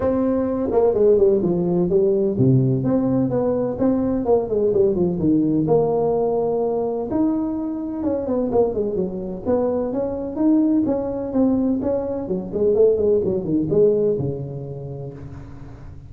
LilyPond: \new Staff \with { instrumentName = "tuba" } { \time 4/4 \tempo 4 = 127 c'4. ais8 gis8 g8 f4 | g4 c4 c'4 b4 | c'4 ais8 gis8 g8 f8 dis4 | ais2. dis'4~ |
dis'4 cis'8 b8 ais8 gis8 fis4 | b4 cis'4 dis'4 cis'4 | c'4 cis'4 fis8 gis8 a8 gis8 | fis8 dis8 gis4 cis2 | }